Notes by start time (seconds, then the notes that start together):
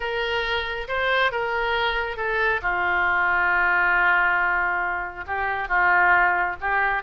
0.00 A#4
0.87 C5
1.31 A#4
2.16 A4
2.62 F4
5.27 G4
5.68 F4
6.60 G4